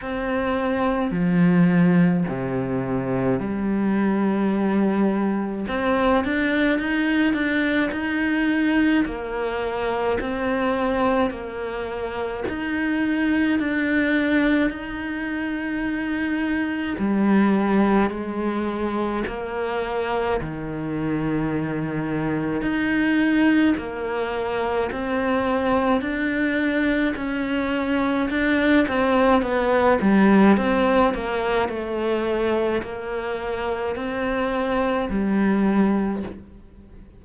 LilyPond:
\new Staff \with { instrumentName = "cello" } { \time 4/4 \tempo 4 = 53 c'4 f4 c4 g4~ | g4 c'8 d'8 dis'8 d'8 dis'4 | ais4 c'4 ais4 dis'4 | d'4 dis'2 g4 |
gis4 ais4 dis2 | dis'4 ais4 c'4 d'4 | cis'4 d'8 c'8 b8 g8 c'8 ais8 | a4 ais4 c'4 g4 | }